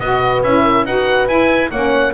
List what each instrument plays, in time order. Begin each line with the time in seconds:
0.00 double bass B3, saxophone F#4, horn B4, oboe D#5
0.43 double bass C#4, saxophone E4, oboe E5
0.64 horn A#4
0.86 double bass D#4, saxophone F#4, horn B4, oboe F#5
1.28 double bass E4, saxophone E4, oboe G#5
1.71 double bass A#3, saxophone C#4, horn C#5, oboe F#5